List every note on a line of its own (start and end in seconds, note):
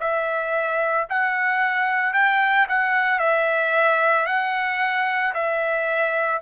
0.00 1.07 E5
1.09 2.13 F#5
2.13 2.67 G5
2.68 3.19 F#5
3.19 4.26 E5
4.26 5.33 F#5
5.34 6.41 E5